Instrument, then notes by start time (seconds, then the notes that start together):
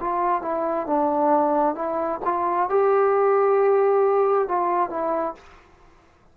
trombone
0.00 F4
0.42 E4
0.87 D4
1.75 E4
2.24 F4
2.69 G4
4.48 F4
4.90 E4